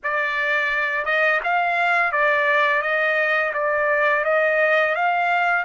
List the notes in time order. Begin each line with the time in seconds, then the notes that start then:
0.03 D5
1.05 D#5
1.43 F5
2.11 D5
2.81 D#5
3.53 D5
4.24 D#5
4.95 F5